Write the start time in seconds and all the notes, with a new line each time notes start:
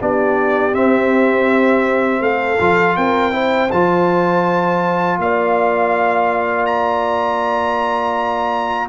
0.00 B3 D4 G4 D5
0.73 C4 E5
2.21 A3 A4 F5
2.60 F3 F4
2.96 C4 A#4 G5
3.32 E4 C5
3.71 F3 F4 A5
5.18 A#3 D5 F5
6.66 A#5